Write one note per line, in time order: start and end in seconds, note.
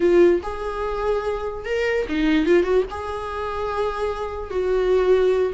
0.00 0.41 F4
0.43 1.65 G#4
1.65 2.06 A#4
2.08 2.46 D#4
2.46 2.63 F4
2.63 2.83 F#4
2.90 4.50 G#4
4.50 5.53 F#4